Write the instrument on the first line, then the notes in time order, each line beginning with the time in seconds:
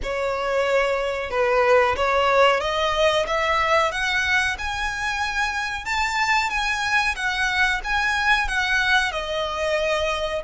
violin
0.02 C#5
1.30 B4
1.96 C#5
2.60 D#5
3.26 E5
3.91 F#5
4.58 G#5
5.85 A5
6.50 G#5
7.15 F#5
7.84 G#5
8.48 F#5
9.11 D#5